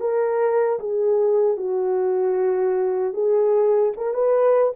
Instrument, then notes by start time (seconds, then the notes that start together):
horn
0.00 A#4
0.79 G#4
1.57 F#4
3.14 G#4
3.97 A#4
4.14 B4